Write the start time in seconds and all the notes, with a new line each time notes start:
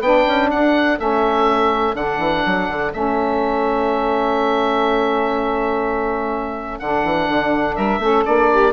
0.00 B3 D4 B4 G5
0.27 C#4
0.50 D4 A4 F#5
0.98 A3 C#4 E5
1.94 D3 D4 F#5
2.18 E3
2.46 F#3
2.69 D3
2.93 A3 C#4 E5
6.79 D3 D4 F#5
7.03 E3
7.28 D3
7.76 G3 A#4 E5
7.99 A3 C#4 A4
8.24 A#3 D4 D5
8.51 G4